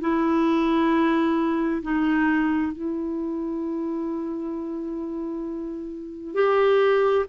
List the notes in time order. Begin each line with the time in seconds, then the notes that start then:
0.00 E4
1.82 D#4
2.72 E4
6.34 G4